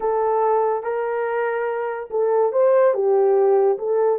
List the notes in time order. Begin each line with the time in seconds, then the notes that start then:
0.00 A4
0.83 A#4
2.10 A4
2.52 C5
2.94 G4
3.78 A4